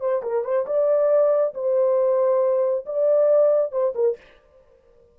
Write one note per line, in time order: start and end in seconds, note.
0.00 0.22 C5
0.22 0.44 A#4
0.44 0.66 C5
0.66 1.53 D5
1.54 2.85 C5
2.85 3.71 D5
3.71 3.93 C5
3.95 4.17 A#4